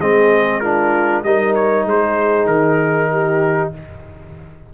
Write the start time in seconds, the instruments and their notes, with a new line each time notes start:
0.00 tuba G#3, trombone C4, horn G#4, trumpet D#5
0.60 trombone D4, horn F4, trumpet A#4
1.23 tuba G3, trombone D#4, horn A#4, trumpet D#5
1.55 trumpet C#5
1.85 tuba G#3, horn G#4, trumpet C5
2.46 tuba D#3, trumpet A#4
3.11 horn G4